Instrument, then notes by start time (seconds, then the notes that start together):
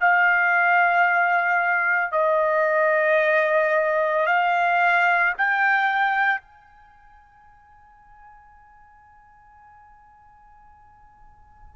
trumpet
0.00 F5
2.12 D#5
4.26 F5
5.38 G5
6.41 G#5